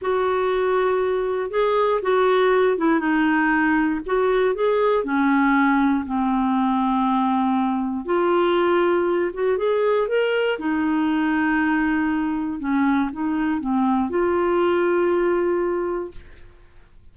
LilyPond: \new Staff \with { instrumentName = "clarinet" } { \time 4/4 \tempo 4 = 119 fis'2. gis'4 | fis'4. e'8 dis'2 | fis'4 gis'4 cis'2 | c'1 |
f'2~ f'8 fis'8 gis'4 | ais'4 dis'2.~ | dis'4 cis'4 dis'4 c'4 | f'1 | }